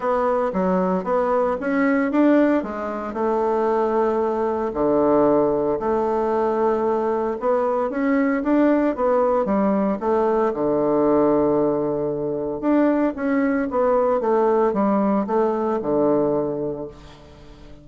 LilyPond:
\new Staff \with { instrumentName = "bassoon" } { \time 4/4 \tempo 4 = 114 b4 fis4 b4 cis'4 | d'4 gis4 a2~ | a4 d2 a4~ | a2 b4 cis'4 |
d'4 b4 g4 a4 | d1 | d'4 cis'4 b4 a4 | g4 a4 d2 | }